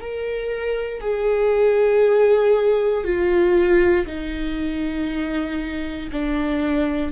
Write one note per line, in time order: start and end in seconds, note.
0.00 1.00 A#4
1.00 3.04 G#4
3.04 4.06 F4
4.06 6.09 D#4
6.12 7.11 D4